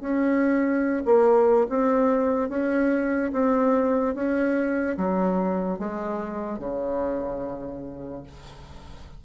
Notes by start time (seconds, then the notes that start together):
0.00 C#4
1.05 A#3
1.69 C4
2.49 C#4
3.32 C4
4.14 C#4
4.97 F#3
5.78 G#3
6.58 C#3